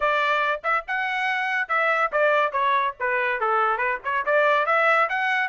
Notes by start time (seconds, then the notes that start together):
0.00 D5
0.63 E5
0.87 F#5
1.68 E5
2.12 D5
2.52 C#5
2.99 B4
3.40 A4
3.77 B4
4.04 C#5
4.25 D5
4.66 E5
5.09 F#5